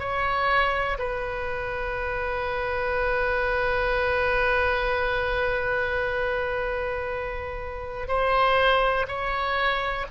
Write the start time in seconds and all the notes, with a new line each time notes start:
0.00 C#5
0.99 B4
8.08 C5
9.08 C#5